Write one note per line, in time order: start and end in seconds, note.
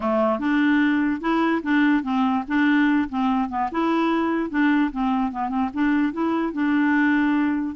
0.00 0.39 A3
0.39 1.20 D4
1.20 1.61 E4
1.62 2.03 D4
2.03 2.43 C4
2.47 3.09 D4
3.09 3.49 C4
3.49 3.69 B3
3.71 4.50 E4
4.50 4.90 D4
4.91 5.31 C4
5.31 5.49 B3
5.49 5.69 C4
5.73 6.12 D4
6.12 6.52 E4
6.52 7.75 D4